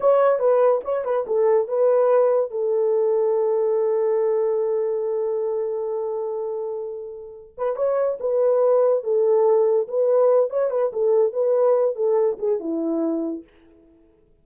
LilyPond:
\new Staff \with { instrumentName = "horn" } { \time 4/4 \tempo 4 = 143 cis''4 b'4 cis''8 b'8 a'4 | b'2 a'2~ | a'1~ | a'1~ |
a'2 b'8 cis''4 b'8~ | b'4. a'2 b'8~ | b'4 cis''8 b'8 a'4 b'4~ | b'8 a'4 gis'8 e'2 | }